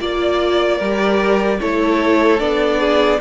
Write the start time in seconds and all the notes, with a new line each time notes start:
0.00 A#3 F4 D5
0.78 G3 A#4
0.85 G4
1.61 A3 E4 A4 C#5
2.39 B3 D4 D5
2.80 G#4